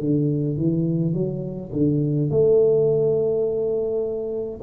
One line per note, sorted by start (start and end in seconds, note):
0.00 0.57 D3
0.57 1.14 E3
1.14 1.72 F#3
1.73 2.30 D3
2.30 4.61 A3